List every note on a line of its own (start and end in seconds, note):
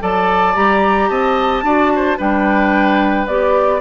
0.00 0.56 F#3
0.00 0.55 A4
0.00 1.10 D5
0.00 0.56 A5
0.55 1.10 G3
0.55 1.64 G4
0.55 1.10 A#5
1.10 1.63 C4
1.10 1.65 D#5
1.10 2.19 A5
1.63 2.18 D4
1.63 2.18 F#4
1.63 1.92 D5
1.96 2.18 C5
2.18 3.27 G3
2.18 3.27 D4
2.18 3.81 B4
2.18 3.27 G5
3.27 3.81 B3
3.27 3.81 G4
3.27 3.81 D5